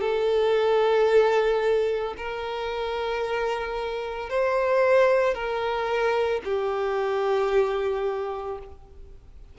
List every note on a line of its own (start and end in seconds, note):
0.00 2.14 A4
2.17 4.30 A#4
4.30 5.34 C5
5.34 6.41 A#4
6.44 8.58 G4